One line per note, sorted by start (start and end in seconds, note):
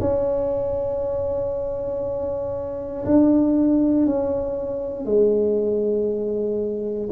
0.00 3.05 C#4
3.06 4.06 D4
4.06 5.06 C#4
5.06 7.09 G#3